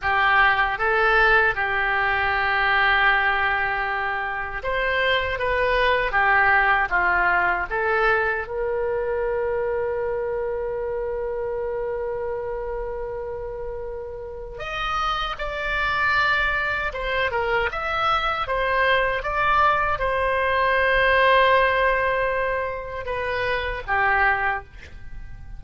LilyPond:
\new Staff \with { instrumentName = "oboe" } { \time 4/4 \tempo 4 = 78 g'4 a'4 g'2~ | g'2 c''4 b'4 | g'4 f'4 a'4 ais'4~ | ais'1~ |
ais'2. dis''4 | d''2 c''8 ais'8 e''4 | c''4 d''4 c''2~ | c''2 b'4 g'4 | }